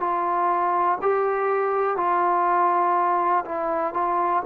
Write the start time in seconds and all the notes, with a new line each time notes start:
0.00 F4
1.01 G4
1.97 F4
3.45 E4
3.93 F4